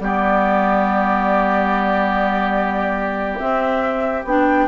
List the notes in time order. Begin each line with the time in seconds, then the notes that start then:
0.00 G3 B3 G4 D5
3.39 C4 E5
4.25 B3 D4 G5